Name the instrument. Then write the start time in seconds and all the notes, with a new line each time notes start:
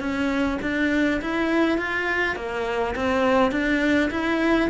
cello
0.00 C#4
0.62 D4
1.22 E4
1.78 F4
2.36 A#3
2.96 C4
3.52 D4
4.11 E4